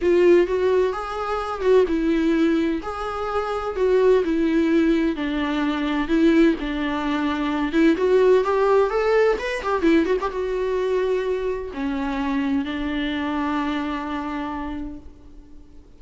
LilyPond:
\new Staff \with { instrumentName = "viola" } { \time 4/4 \tempo 4 = 128 f'4 fis'4 gis'4. fis'8 | e'2 gis'2 | fis'4 e'2 d'4~ | d'4 e'4 d'2~ |
d'8 e'8 fis'4 g'4 a'4 | b'8 g'8 e'8 fis'16 g'16 fis'2~ | fis'4 cis'2 d'4~ | d'1 | }